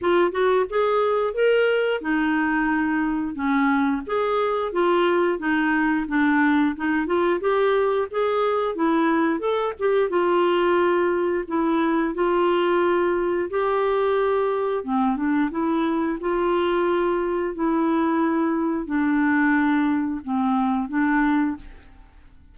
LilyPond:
\new Staff \with { instrumentName = "clarinet" } { \time 4/4 \tempo 4 = 89 f'8 fis'8 gis'4 ais'4 dis'4~ | dis'4 cis'4 gis'4 f'4 | dis'4 d'4 dis'8 f'8 g'4 | gis'4 e'4 a'8 g'8 f'4~ |
f'4 e'4 f'2 | g'2 c'8 d'8 e'4 | f'2 e'2 | d'2 c'4 d'4 | }